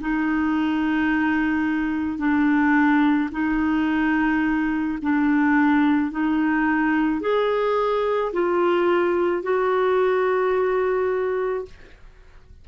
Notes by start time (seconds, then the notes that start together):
0.00 D#4
2.18 D4
3.31 D#4
5.02 D4
6.11 D#4
7.21 G#4
8.32 F4
9.42 F#4